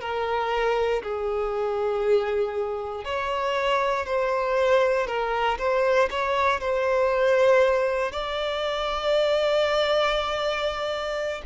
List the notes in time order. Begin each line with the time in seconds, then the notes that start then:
0.00 A#4
1.02 G#4
3.05 C#5
4.05 C5
5.07 A#4
5.58 C5
6.10 C#5
6.60 C5
8.11 D5